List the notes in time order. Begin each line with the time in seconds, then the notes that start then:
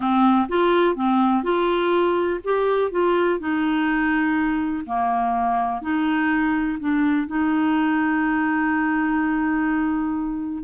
0.00 C4
0.48 F4
0.95 C4
1.43 F4
2.43 G4
2.91 F4
3.39 D#4
4.86 A#3
5.81 D#4
6.79 D4
7.27 D#4